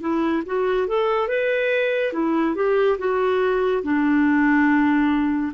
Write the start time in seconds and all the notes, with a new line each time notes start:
0.00 E4
0.46 F#4
0.87 A4
1.28 B4
2.12 E4
2.55 G4
2.98 F#4
3.83 D4